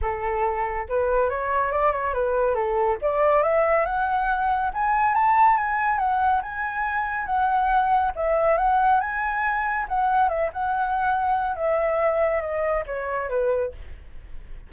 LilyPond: \new Staff \with { instrumentName = "flute" } { \time 4/4 \tempo 4 = 140 a'2 b'4 cis''4 | d''8 cis''8 b'4 a'4 d''4 | e''4 fis''2 gis''4 | a''4 gis''4 fis''4 gis''4~ |
gis''4 fis''2 e''4 | fis''4 gis''2 fis''4 | e''8 fis''2~ fis''8 e''4~ | e''4 dis''4 cis''4 b'4 | }